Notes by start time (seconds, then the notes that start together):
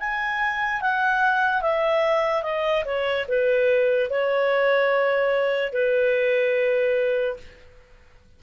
0.00 G#5
0.81 F#5
1.62 E5
2.43 D#5
2.85 C#5
3.28 B4
4.10 C#5
5.73 B4